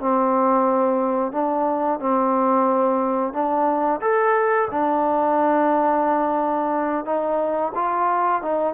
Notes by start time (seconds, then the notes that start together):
0.00 C4
1.32 D4
2.00 C4
3.33 D4
4.01 A4
4.71 D4
7.05 D#4
7.75 F4
8.42 D#4